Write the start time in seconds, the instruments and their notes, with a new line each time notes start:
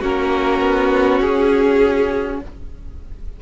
0.00 cello A#3, viola C#4, violin F#4 A#4
0.60 cello B3
1.20 cello C#4, violin G#4